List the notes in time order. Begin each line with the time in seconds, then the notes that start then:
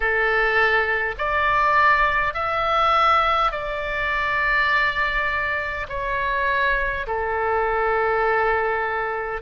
0.00 A4
1.18 D5
2.34 E5
3.51 D5
5.88 C#5
7.06 A4